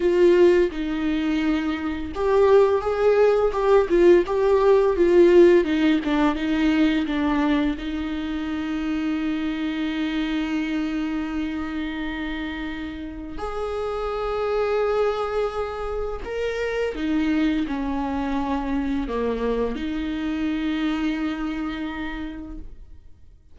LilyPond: \new Staff \with { instrumentName = "viola" } { \time 4/4 \tempo 4 = 85 f'4 dis'2 g'4 | gis'4 g'8 f'8 g'4 f'4 | dis'8 d'8 dis'4 d'4 dis'4~ | dis'1~ |
dis'2. gis'4~ | gis'2. ais'4 | dis'4 cis'2 ais4 | dis'1 | }